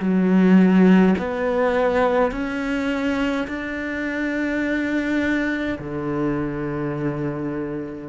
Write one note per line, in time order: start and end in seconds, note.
0.00 1.15 F#3
1.19 2.32 B3
2.32 3.47 C#4
3.48 5.78 D4
5.79 8.09 D3